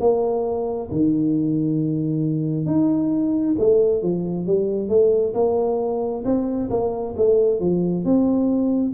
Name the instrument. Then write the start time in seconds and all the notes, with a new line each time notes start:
tuba
0.00 A#3
0.91 D#3
2.66 D#4
3.59 A3
4.02 F3
4.47 G3
4.89 A3
5.34 A#3
6.25 C4
6.70 A#3
7.17 A3
7.60 F3
8.05 C4